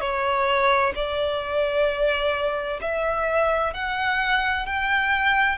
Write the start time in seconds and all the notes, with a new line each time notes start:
0.00 C#5
0.95 D5
2.81 E5
3.73 F#5
4.66 G5